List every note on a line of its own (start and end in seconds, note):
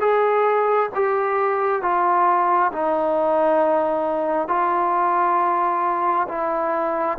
0.00 0.90 G#4
0.94 1.82 G4
1.82 2.72 F4
2.72 4.48 D#4
4.48 6.27 F4
6.28 7.18 E4